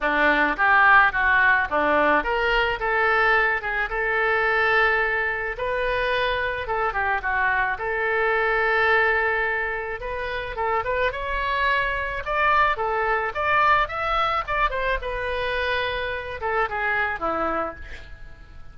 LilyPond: \new Staff \with { instrumentName = "oboe" } { \time 4/4 \tempo 4 = 108 d'4 g'4 fis'4 d'4 | ais'4 a'4. gis'8 a'4~ | a'2 b'2 | a'8 g'8 fis'4 a'2~ |
a'2 b'4 a'8 b'8 | cis''2 d''4 a'4 | d''4 e''4 d''8 c''8 b'4~ | b'4. a'8 gis'4 e'4 | }